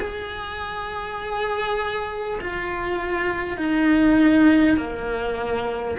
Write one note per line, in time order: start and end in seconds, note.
0.00 2.40 G#4
2.41 3.58 F4
3.58 4.78 D#4
4.78 5.98 A#3